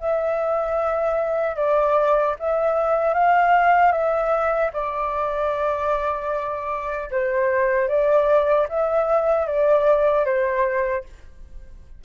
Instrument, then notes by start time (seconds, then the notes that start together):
flute
0.00 E5
1.56 D5
2.39 E5
3.14 F5
3.92 E5
4.73 D5
7.11 C5
7.88 D5
8.69 E5
9.47 D5
10.25 C5